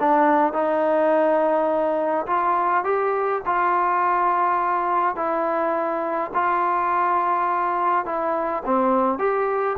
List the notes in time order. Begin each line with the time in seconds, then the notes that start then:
0.00 D4
0.53 D#4
2.27 F4
2.84 G4
3.46 F4
5.16 E4
6.34 F4
8.06 E4
8.66 C4
9.19 G4